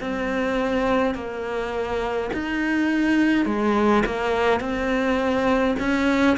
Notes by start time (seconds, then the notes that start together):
0.00 C4
1.14 A#3
2.33 D#4
3.45 G#3
4.05 A#3
4.60 C4
5.79 C#4